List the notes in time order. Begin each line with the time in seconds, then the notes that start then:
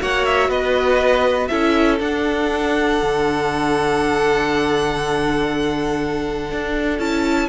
0.00 A#3 F#4 C#5 F#5
0.25 E5
0.49 B3 B4 D#5
1.48 C#4 E4 A4 E5
2.00 D4 F#5
3.02 D3
6.52 D4
6.99 C#4 E4 A5